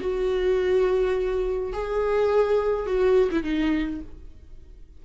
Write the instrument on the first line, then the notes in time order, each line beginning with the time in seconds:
viola
0.00 F#4
1.73 G#4
2.86 F#4
3.31 E4
3.43 D#4